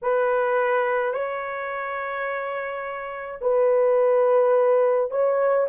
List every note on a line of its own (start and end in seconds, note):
0.02 1.13 B4
1.13 3.39 C#5
3.41 5.10 B4
5.10 5.67 C#5